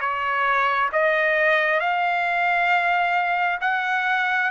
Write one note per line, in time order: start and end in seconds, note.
0.00 0.90 C#5
0.92 1.80 D#5
1.80 3.59 F5
3.61 4.50 F#5